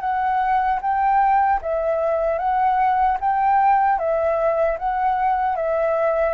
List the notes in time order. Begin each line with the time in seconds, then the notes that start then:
0.00 F#5
0.81 G5
1.61 E5
2.38 F#5
3.20 G5
3.98 E5
4.78 F#5
5.56 E5